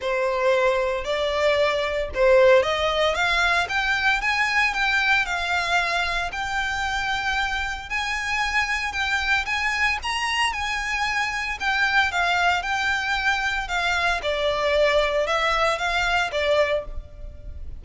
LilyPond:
\new Staff \with { instrumentName = "violin" } { \time 4/4 \tempo 4 = 114 c''2 d''2 | c''4 dis''4 f''4 g''4 | gis''4 g''4 f''2 | g''2. gis''4~ |
gis''4 g''4 gis''4 ais''4 | gis''2 g''4 f''4 | g''2 f''4 d''4~ | d''4 e''4 f''4 d''4 | }